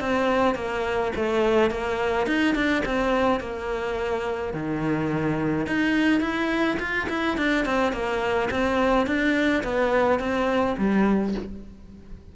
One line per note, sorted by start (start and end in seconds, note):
0.00 0.55 C4
0.55 1.11 A#3
1.15 1.70 A3
1.70 2.26 A#3
2.26 2.54 D#4
2.54 2.83 D4
2.85 3.40 C4
3.40 4.53 A#3
4.53 5.66 D#3
5.66 6.20 D#4
6.20 6.77 E4
6.79 7.07 F4
7.09 7.37 E4
7.37 7.65 D4
7.65 7.92 C4
7.92 8.49 A#3
8.50 9.06 C4
9.06 9.63 D4
9.63 10.19 B3
10.19 10.75 C4
10.77 11.34 G3